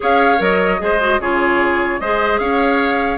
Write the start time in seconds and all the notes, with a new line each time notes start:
0.00 C#4 G#4 C#5 F5
0.38 F#3 A#4 D#5
0.78 G#3 G#4 C5
0.99 F#4
1.19 C#3 F4 G#4 C#5
2.00 G#3 G#4 C5 D#5
2.39 C#4 C#5 F5